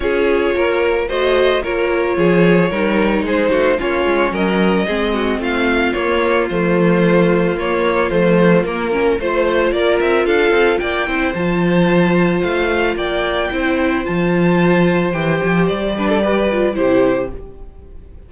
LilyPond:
<<
  \new Staff \with { instrumentName = "violin" } { \time 4/4 \tempo 4 = 111 cis''2 dis''4 cis''4~ | cis''2 c''4 cis''4 | dis''2 f''4 cis''4 | c''2 cis''4 c''4 |
ais'4 c''4 d''8 e''8 f''4 | g''4 a''2 f''4 | g''2 a''2 | g''4 d''2 c''4 | }
  \new Staff \with { instrumentName = "violin" } { \time 4/4 gis'4 ais'4 c''4 ais'4 | gis'4 ais'4 gis'8 fis'8 f'4 | ais'4 gis'8 fis'8 f'2~ | f'1~ |
f'4 c''4 ais'4 a'4 | d''8 c''2.~ c''8 | d''4 c''2.~ | c''4. b'16 a'16 b'4 g'4 | }
  \new Staff \with { instrumentName = "viola" } { \time 4/4 f'2 fis'4 f'4~ | f'4 dis'2 cis'4~ | cis'4 c'2 ais4 | a2 ais4 a4 |
ais8 cis'8 f'2.~ | f'8 e'8 f'2.~ | f'4 e'4 f'2 | g'4. d'8 g'8 f'8 e'4 | }
  \new Staff \with { instrumentName = "cello" } { \time 4/4 cis'4 ais4 a4 ais4 | f4 g4 gis8 a8 ais8 gis8 | fis4 gis4 a4 ais4 | f2 ais4 f4 |
ais4 a4 ais8 c'8 d'8 c'8 | ais8 c'8 f2 a4 | ais4 c'4 f2 | e8 f8 g2 c4 | }
>>